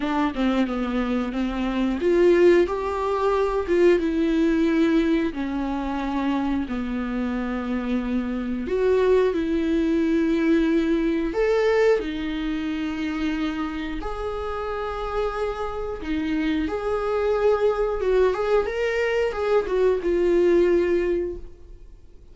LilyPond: \new Staff \with { instrumentName = "viola" } { \time 4/4 \tempo 4 = 90 d'8 c'8 b4 c'4 f'4 | g'4. f'8 e'2 | cis'2 b2~ | b4 fis'4 e'2~ |
e'4 a'4 dis'2~ | dis'4 gis'2. | dis'4 gis'2 fis'8 gis'8 | ais'4 gis'8 fis'8 f'2 | }